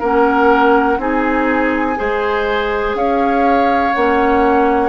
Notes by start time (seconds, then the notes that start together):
0.00 A#3 C#4 A#4 F#5
0.98 C4 D#4 G#4 G#5
1.96 G#3 G#4 C5
2.95 C#4 C#5 F5
3.94 A#3 C#4 F#5